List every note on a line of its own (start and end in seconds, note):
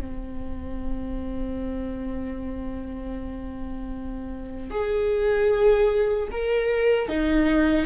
0.00 4.70 C4
4.70 6.28 G#4
6.31 7.08 A#4
7.08 7.85 D#4